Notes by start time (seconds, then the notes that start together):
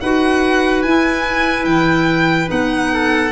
0.00 D#4 F#4 B4 F#5
0.82 E4 G#5
1.64 E3 G5
2.46 B3 D#4 F#5
2.93 A4